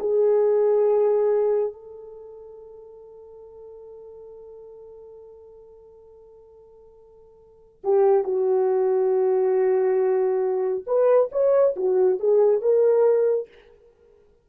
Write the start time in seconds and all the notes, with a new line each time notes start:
0.00 G#4
1.73 A4
7.84 G4
8.24 F#4
10.86 B4
11.32 C#5
11.76 F#4
12.19 G#4
12.61 A#4